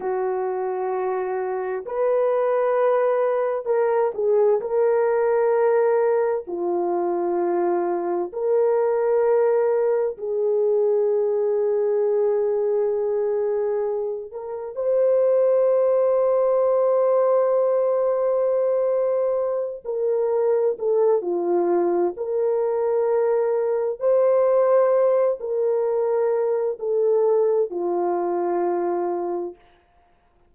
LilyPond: \new Staff \with { instrumentName = "horn" } { \time 4/4 \tempo 4 = 65 fis'2 b'2 | ais'8 gis'8 ais'2 f'4~ | f'4 ais'2 gis'4~ | gis'2.~ gis'8 ais'8 |
c''1~ | c''4. ais'4 a'8 f'4 | ais'2 c''4. ais'8~ | ais'4 a'4 f'2 | }